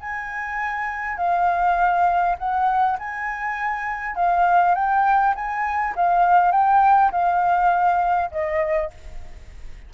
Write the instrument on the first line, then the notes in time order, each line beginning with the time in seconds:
flute
0.00 G#5
1.17 F5
2.38 F#5
2.99 G#5
4.16 F5
4.75 G5
5.35 G#5
5.96 F5
6.52 G5
7.12 F5
8.31 D#5